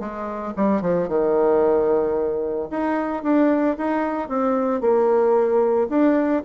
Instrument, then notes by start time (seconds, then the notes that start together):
bassoon
0.00 G#3
0.56 G3
0.82 F3
1.08 D#3
2.71 D#4
3.23 D4
3.78 D#4
4.29 C4
4.81 A#3
5.90 D4